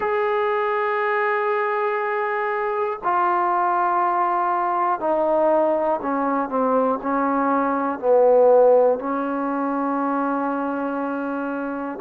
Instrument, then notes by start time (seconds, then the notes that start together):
trombone
0.00 G#4
3.03 F4
5.00 D#4
6.01 C#4
6.49 C4
7.02 C#4
7.99 B3
8.99 C#4